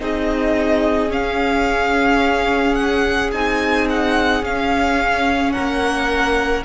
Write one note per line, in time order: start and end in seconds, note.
0.00 1.12 C4
0.00 1.09 D#4
0.00 5.53 G#4
0.00 1.12 D#5
1.09 3.31 C#4
1.09 3.34 C#4
1.09 2.75 F5
2.75 3.31 F#5
3.32 4.43 C4
3.32 4.43 D#4
3.32 3.88 G#5
3.90 4.44 F#5
4.43 6.65 C#4
4.43 5.54 C#4
4.43 5.52 F5
5.52 6.65 A#3
5.52 6.64 A#4
5.52 6.63 F#5